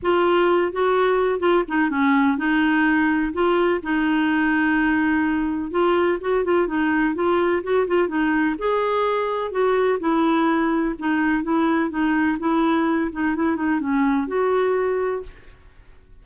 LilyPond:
\new Staff \with { instrumentName = "clarinet" } { \time 4/4 \tempo 4 = 126 f'4. fis'4. f'8 dis'8 | cis'4 dis'2 f'4 | dis'1 | f'4 fis'8 f'8 dis'4 f'4 |
fis'8 f'8 dis'4 gis'2 | fis'4 e'2 dis'4 | e'4 dis'4 e'4. dis'8 | e'8 dis'8 cis'4 fis'2 | }